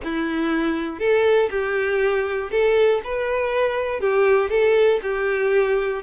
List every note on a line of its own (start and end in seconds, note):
0.03 0.99 E4
0.99 1.49 A4
1.50 2.50 G4
2.51 3.01 A4
3.04 4.00 B4
4.00 4.50 G4
4.50 5.00 A4
5.02 6.02 G4